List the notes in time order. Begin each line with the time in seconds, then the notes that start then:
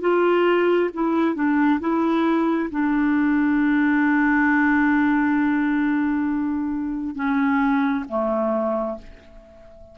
0.00 F4
0.94 E4
1.34 D4
1.80 E4
2.70 D4
7.15 C#4
8.08 A3